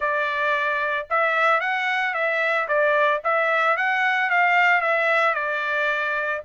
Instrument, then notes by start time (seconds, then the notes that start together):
trumpet
0.00 D5
1.10 E5
1.60 F#5
2.14 E5
2.67 D5
3.24 E5
3.76 F#5
4.30 F5
4.81 E5
5.34 D5